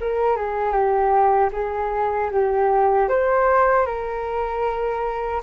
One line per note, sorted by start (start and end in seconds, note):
0.00 0.36 A#4
0.36 0.72 G#4
0.72 1.50 G4
1.52 2.30 G#4
2.31 3.09 G4
3.09 3.85 C5
3.85 5.41 A#4